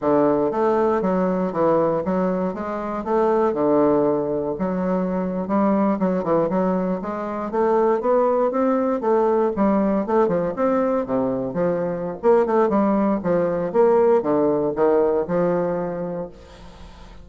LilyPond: \new Staff \with { instrumentName = "bassoon" } { \time 4/4 \tempo 4 = 118 d4 a4 fis4 e4 | fis4 gis4 a4 d4~ | d4 fis4.~ fis16 g4 fis16~ | fis16 e8 fis4 gis4 a4 b16~ |
b8. c'4 a4 g4 a16~ | a16 f8 c'4 c4 f4~ f16 | ais8 a8 g4 f4 ais4 | d4 dis4 f2 | }